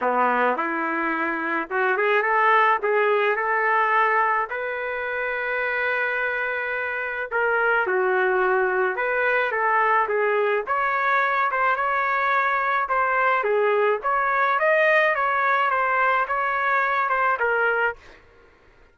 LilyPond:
\new Staff \with { instrumentName = "trumpet" } { \time 4/4 \tempo 4 = 107 b4 e'2 fis'8 gis'8 | a'4 gis'4 a'2 | b'1~ | b'4 ais'4 fis'2 |
b'4 a'4 gis'4 cis''4~ | cis''8 c''8 cis''2 c''4 | gis'4 cis''4 dis''4 cis''4 | c''4 cis''4. c''8 ais'4 | }